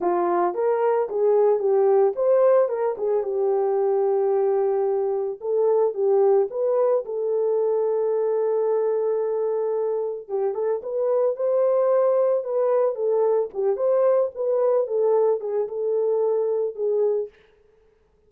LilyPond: \new Staff \with { instrumentName = "horn" } { \time 4/4 \tempo 4 = 111 f'4 ais'4 gis'4 g'4 | c''4 ais'8 gis'8 g'2~ | g'2 a'4 g'4 | b'4 a'2.~ |
a'2. g'8 a'8 | b'4 c''2 b'4 | a'4 g'8 c''4 b'4 a'8~ | a'8 gis'8 a'2 gis'4 | }